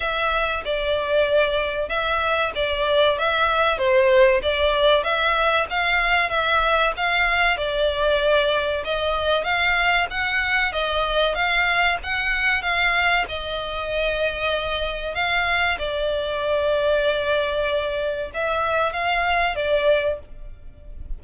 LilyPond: \new Staff \with { instrumentName = "violin" } { \time 4/4 \tempo 4 = 95 e''4 d''2 e''4 | d''4 e''4 c''4 d''4 | e''4 f''4 e''4 f''4 | d''2 dis''4 f''4 |
fis''4 dis''4 f''4 fis''4 | f''4 dis''2. | f''4 d''2.~ | d''4 e''4 f''4 d''4 | }